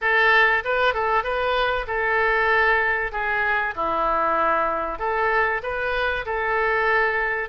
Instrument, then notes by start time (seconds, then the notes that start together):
oboe
0.01 A4
0.64 B4
0.94 A4
1.23 B4
1.87 A4
3.11 G#4
3.75 E4
4.99 A4
5.62 B4
6.25 A4